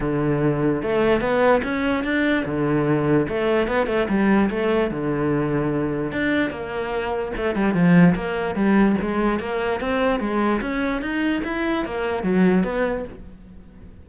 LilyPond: \new Staff \with { instrumentName = "cello" } { \time 4/4 \tempo 4 = 147 d2 a4 b4 | cis'4 d'4 d2 | a4 b8 a8 g4 a4 | d2. d'4 |
ais2 a8 g8 f4 | ais4 g4 gis4 ais4 | c'4 gis4 cis'4 dis'4 | e'4 ais4 fis4 b4 | }